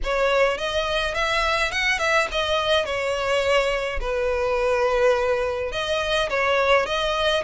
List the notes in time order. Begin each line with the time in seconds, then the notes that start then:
0.03 C#5
0.57 D#5
1.14 E5
1.71 F#5
1.98 E5
2.31 D#5
2.85 C#5
4.00 B4
5.71 D#5
6.29 C#5
6.85 D#5